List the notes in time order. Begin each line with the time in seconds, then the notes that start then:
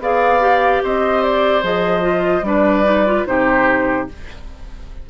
0.00 B3 G#4 D5 F5
0.41 G4
0.84 C4 C5 D#5
1.23 D5
1.63 F3 G#4 D#5
2.01 F4
2.42 G3 D4 B4 D5
2.85 D#4
3.06 F4
3.26 C3 D#4 G4 C5